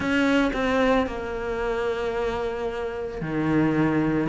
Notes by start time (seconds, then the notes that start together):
0.00 C#4
0.53 C4
1.07 A#3
3.21 D#3